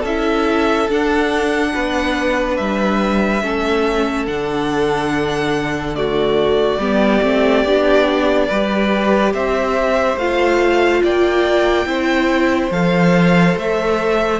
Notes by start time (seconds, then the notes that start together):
0.00 C#4 A4 E5
0.07 E4
0.89 D4 F#5
1.74 B3 B4
2.57 G3 E5
3.42 A3 C#4 A4
4.27 D3 D4 F#5
5.95 A3 F#4 D5
6.77 G3 B3 G4
7.23 A3 C4
7.65 B3 D4
8.48 G3 G4 B4
9.34 C4 C5 E5
10.17 A3 F4 F5
11.03 A#3 D5 G5
11.86 C4 E4 C5
12.71 F3 A4 F5
13.56 A3 E5